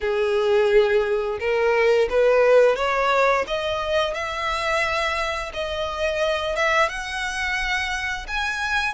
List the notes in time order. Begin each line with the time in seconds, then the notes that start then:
0.01 G#4
1.39 A#4
2.09 B4
2.76 C#5
3.47 D#5
4.14 E5
5.53 D#5
6.55 E5
6.88 F#5
8.27 G#5